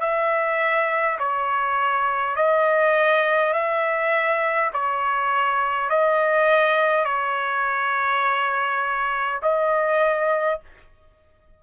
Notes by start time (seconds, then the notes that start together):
0.00 E5
1.18 C#5
2.35 D#5
3.53 E5
4.73 C#5
5.89 D#5
7.05 C#5
9.42 D#5